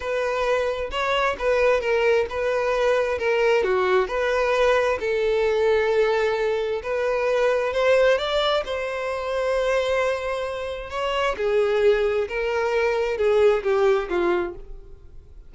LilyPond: \new Staff \with { instrumentName = "violin" } { \time 4/4 \tempo 4 = 132 b'2 cis''4 b'4 | ais'4 b'2 ais'4 | fis'4 b'2 a'4~ | a'2. b'4~ |
b'4 c''4 d''4 c''4~ | c''1 | cis''4 gis'2 ais'4~ | ais'4 gis'4 g'4 f'4 | }